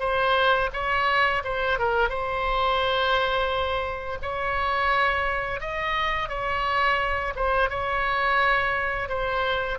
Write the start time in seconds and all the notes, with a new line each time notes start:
0.00 C5
0.73 C#5
1.44 C5
1.79 A#4
2.09 C5
4.22 C#5
5.60 D#5
6.29 C#5
7.36 C5
7.70 C#5
9.09 C5